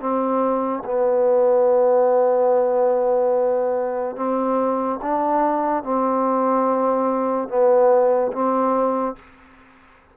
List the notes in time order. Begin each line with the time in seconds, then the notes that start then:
0.00 C4
0.85 B3
4.16 C4
5.02 D4
5.83 C4
7.48 B3
8.32 C4